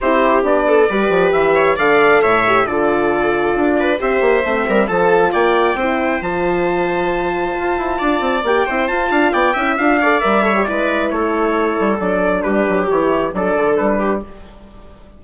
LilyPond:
<<
  \new Staff \with { instrumentName = "trumpet" } { \time 4/4 \tempo 4 = 135 c''4 d''2 e''4 | f''4 e''4 d''2~ | d''4 e''2 a''4 | g''2 a''2~ |
a''2. g''4 | a''4 g''4 f''4 e''4 | d''4 cis''2 d''4 | b'4 cis''4 d''4 b'4 | }
  \new Staff \with { instrumentName = "viola" } { \time 4/4 g'4. a'8 b'4. cis''8 | d''4 cis''4 a'2~ | a'8 b'8 c''4. ais'8 a'4 | d''4 c''2.~ |
c''2 d''4. c''8~ | c''8 f''8 d''8 e''4 d''4 cis''8 | b'4 a'2. | g'2 a'4. g'8 | }
  \new Staff \with { instrumentName = "horn" } { \time 4/4 e'4 d'4 g'2 | a'4. g'8 f'2~ | f'4 g'4 c'4 f'4~ | f'4 e'4 f'2~ |
f'2. g'8 e'8 | f'4. e'8 f'8 a'8 ais'8 a'16 g'16 | e'2. d'4~ | d'4 e'4 d'2 | }
  \new Staff \with { instrumentName = "bassoon" } { \time 4/4 c'4 b4 g8 f8 e4 | d4 a,4 d2 | d'4 c'8 ais8 a8 g8 f4 | ais4 c'4 f2~ |
f4 f'8 e'8 d'8 c'8 ais8 c'8 | f'8 d'8 b8 cis'8 d'4 g4 | gis4 a4. g8 fis4 | g8 fis8 e4 fis8 d8 g4 | }
>>